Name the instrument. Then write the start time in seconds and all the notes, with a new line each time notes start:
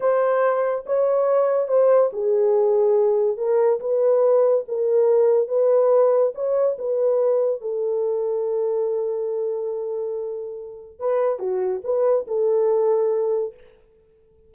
horn
0.00 C5
0.86 C#5
1.68 C5
2.12 G#4
3.37 A#4
3.80 B4
4.67 A#4
5.48 B4
6.34 C#5
6.78 B4
7.61 A4
10.99 B4
11.39 F#4
11.84 B4
12.27 A4